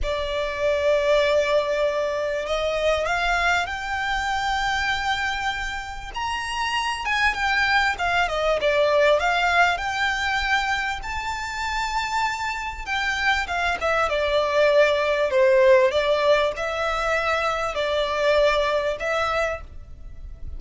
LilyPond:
\new Staff \with { instrumentName = "violin" } { \time 4/4 \tempo 4 = 98 d''1 | dis''4 f''4 g''2~ | g''2 ais''4. gis''8 | g''4 f''8 dis''8 d''4 f''4 |
g''2 a''2~ | a''4 g''4 f''8 e''8 d''4~ | d''4 c''4 d''4 e''4~ | e''4 d''2 e''4 | }